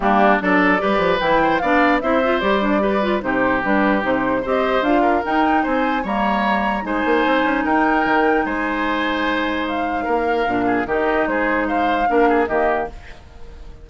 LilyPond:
<<
  \new Staff \with { instrumentName = "flute" } { \time 4/4 \tempo 4 = 149 g'4 d''2 g''4 | f''4 e''4 d''2 | c''4 b'4 c''4 dis''4 | f''4 g''4 gis''4 ais''4~ |
ais''4 gis''2 g''4~ | g''4 gis''2. | f''2. dis''4 | c''4 f''2 dis''4 | }
  \new Staff \with { instrumentName = "oboe" } { \time 4/4 d'4 a'4 b'4. c''8 | d''4 c''2 b'4 | g'2. c''4~ | c''8 ais'4. c''4 cis''4~ |
cis''4 c''2 ais'4~ | ais'4 c''2.~ | c''4 ais'4. gis'8 g'4 | gis'4 c''4 ais'8 gis'8 g'4 | }
  \new Staff \with { instrumentName = "clarinet" } { \time 4/4 ais4 d'4 g'4 e'4 | d'4 e'8 f'8 g'8 d'8 g'8 f'8 | dis'4 d'4 dis'4 g'4 | f'4 dis'2 ais4~ |
ais4 dis'2.~ | dis'1~ | dis'2 d'4 dis'4~ | dis'2 d'4 ais4 | }
  \new Staff \with { instrumentName = "bassoon" } { \time 4/4 g4 fis4 g8 f8 e4 | b4 c'4 g2 | c4 g4 c4 c'4 | d'4 dis'4 c'4 g4~ |
g4 gis8 ais8 c'8 cis'8 dis'4 | dis4 gis2.~ | gis4 ais4 ais,4 dis4 | gis2 ais4 dis4 | }
>>